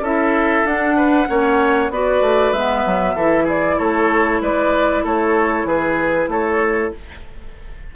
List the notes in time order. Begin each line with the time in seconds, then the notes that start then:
0.00 C#4 E4 A4 E5
0.65 D4 F#5
0.97 B4
1.28 A#3 C#4 C#5
1.90 B3 F#4 B4 D5
2.21 A3
2.53 G#3 B3 E5
2.85 F#3
3.15 E3 E4 A4
3.44 G#4 D5
3.79 A3 A4 C#5
4.41 G#3 B4 D5
5.04 A3 A4 C#5
5.64 E3 G#4 B4
6.28 A3 A4 C#5